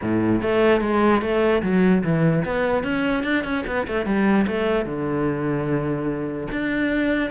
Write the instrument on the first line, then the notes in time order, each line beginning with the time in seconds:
cello
0.01 A2
0.42 A3
0.81 G#3
1.21 A3
1.62 F#3
2.03 E3
2.45 B3
2.83 C#4
3.23 D4
3.44 C#4
3.66 B3
3.87 A3
4.05 G3
4.47 A3
4.85 D3
6.51 D4